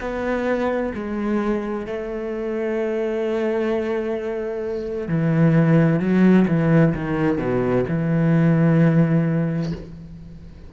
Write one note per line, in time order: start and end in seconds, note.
0.00 0.92 B3
0.94 1.86 G#3
1.86 5.08 A3
5.08 6.00 E3
6.00 6.46 F#3
6.47 6.94 E3
6.94 7.38 D#3
7.38 7.84 B2
7.88 9.73 E3